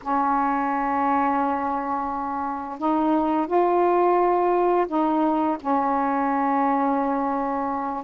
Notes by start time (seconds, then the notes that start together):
0.02 C#4
2.78 D#4
3.47 F4
4.87 D#4
5.60 C#4